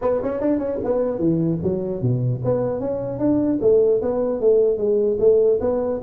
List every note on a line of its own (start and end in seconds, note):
0.01 0.21 B3
0.23 0.40 C#4
0.40 0.59 D4
0.59 0.79 C#4
0.83 1.19 B3
1.19 1.59 E3
1.62 2.01 F#3
2.01 2.41 B2
2.44 2.80 B3
2.80 3.19 C#4
3.19 3.59 D4
3.61 4.01 A3
4.01 4.40 B3
4.40 4.77 A3
4.77 5.17 G#3
5.19 5.59 A3
5.60 6.00 B3